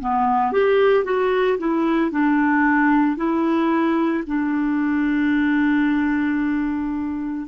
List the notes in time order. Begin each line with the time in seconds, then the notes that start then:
0.00 B3
0.52 G4
1.04 F#4
1.58 E4
2.11 D4
3.17 E4
4.27 D4